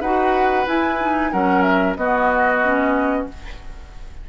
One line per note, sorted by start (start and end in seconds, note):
0.00 0.65 D#4
0.00 0.66 F#4
0.00 1.31 B4
0.00 0.66 F#5
0.66 0.98 E4
0.66 1.32 E4
0.66 1.32 G#5
1.00 1.31 D#4
1.31 1.96 F#3
1.31 1.96 C#4
1.31 1.97 A#4
1.31 1.62 F#5
1.62 1.94 E5
1.96 3.26 B3
1.96 2.63 B3
1.96 3.29 F#4
1.96 3.26 D#5
2.63 3.28 C#4